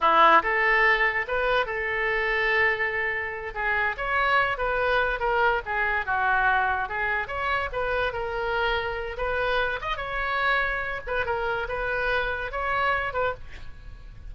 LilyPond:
\new Staff \with { instrumentName = "oboe" } { \time 4/4 \tempo 4 = 144 e'4 a'2 b'4 | a'1~ | a'8 gis'4 cis''4. b'4~ | b'8 ais'4 gis'4 fis'4.~ |
fis'8 gis'4 cis''4 b'4 ais'8~ | ais'2 b'4. dis''8 | cis''2~ cis''8 b'8 ais'4 | b'2 cis''4. b'8 | }